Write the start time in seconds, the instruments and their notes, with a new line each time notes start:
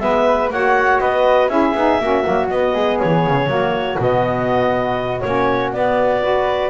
0.00 double bass G#3, saxophone B3, flute B4, clarinet E5
0.49 double bass A#3, saxophone F#4, flute C#5, clarinet F#5
1.00 double bass B3, flute B4, clarinet D#5
1.48 double bass C#4, saxophone E4, flute G#4, clarinet E5
1.75 double bass B3, saxophone D#4
2.00 double bass A#3, saxophone C#4, flute F#4
2.23 double bass F#3, saxophone A#3
2.49 saxophone B3, double bass B3, clarinet D#5
2.74 double bass G#3, flute G#4
3.00 double bass E3, clarinet C#5
3.27 double bass C#3
3.47 double bass F#3, saxophone A#3, flute F#4
3.99 double bass B2, saxophone B3, clarinet D#5
5.21 double bass A#3, saxophone C#4, clarinet C#5
5.73 saxophone B3, double bass B3, clarinet D5
6.21 saxophone F#4, flute B4